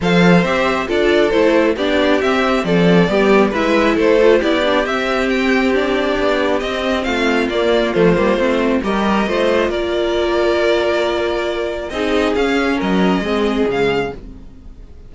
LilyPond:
<<
  \new Staff \with { instrumentName = "violin" } { \time 4/4 \tempo 4 = 136 f''4 e''4 d''4 c''4 | d''4 e''4 d''2 | e''4 c''4 d''4 e''4 | g''4 d''2 dis''4 |
f''4 d''4 c''2 | dis''2 d''2~ | d''2. dis''4 | f''4 dis''2 f''4 | }
  \new Staff \with { instrumentName = "violin" } { \time 4/4 c''2 a'2 | g'2 a'4 g'4 | b'4 a'4 g'2~ | g'1 |
f'1 | ais'4 c''4 ais'2~ | ais'2. gis'4~ | gis'4 ais'4 gis'2 | }
  \new Staff \with { instrumentName = "viola" } { \time 4/4 a'4 g'4 f'4 e'4 | d'4 c'2 b4 | e'4. f'8 e'8 d'8 c'4~ | c'4 d'2 c'4~ |
c'4 ais4 a8 ais8 c'4 | g'4 f'2.~ | f'2. dis'4 | cis'2 c'4 gis4 | }
  \new Staff \with { instrumentName = "cello" } { \time 4/4 f4 c'4 d'4 a4 | b4 c'4 f4 g4 | gis4 a4 b4 c'4~ | c'2 b4 c'4 |
a4 ais4 f8 g8 a4 | g4 a4 ais2~ | ais2. c'4 | cis'4 fis4 gis4 cis4 | }
>>